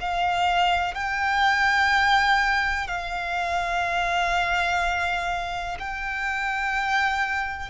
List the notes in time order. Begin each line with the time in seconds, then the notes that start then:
0.00 F5
0.94 G5
2.87 F5
5.78 G5